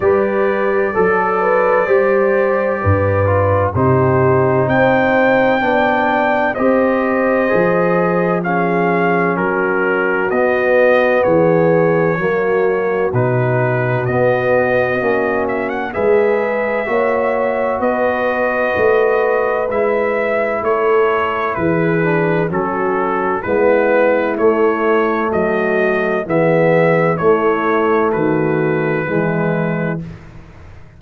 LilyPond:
<<
  \new Staff \with { instrumentName = "trumpet" } { \time 4/4 \tempo 4 = 64 d''1 | c''4 g''2 dis''4~ | dis''4 f''4 ais'4 dis''4 | cis''2 b'4 dis''4~ |
dis''8 e''16 fis''16 e''2 dis''4~ | dis''4 e''4 cis''4 b'4 | a'4 b'4 cis''4 dis''4 | e''4 cis''4 b'2 | }
  \new Staff \with { instrumentName = "horn" } { \time 4/4 b'4 a'8 b'8 c''4 b'4 | g'4 c''4 d''4 c''4~ | c''4 gis'4 fis'2 | gis'4 fis'2.~ |
fis'4 b'4 cis''4 b'4~ | b'2 a'4 gis'4 | fis'4 e'2 fis'4 | gis'4 e'4 fis'4 e'4 | }
  \new Staff \with { instrumentName = "trombone" } { \time 4/4 g'4 a'4 g'4. f'8 | dis'2 d'4 g'4 | gis'4 cis'2 b4~ | b4 ais4 dis'4 b4 |
cis'4 gis'4 fis'2~ | fis'4 e'2~ e'8 d'8 | cis'4 b4 a2 | b4 a2 gis4 | }
  \new Staff \with { instrumentName = "tuba" } { \time 4/4 g4 fis4 g4 g,4 | c4 c'4 b4 c'4 | f2 fis4 b4 | e4 fis4 b,4 b4 |
ais4 gis4 ais4 b4 | a4 gis4 a4 e4 | fis4 gis4 a4 fis4 | e4 a4 dis4 e4 | }
>>